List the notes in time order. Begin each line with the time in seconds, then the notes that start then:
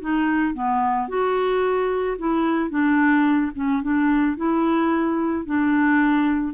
0.00 D#4
0.54 B3
1.08 F#4
2.18 E4
2.70 D4
3.55 C#4
3.82 D4
4.36 E4
5.45 D4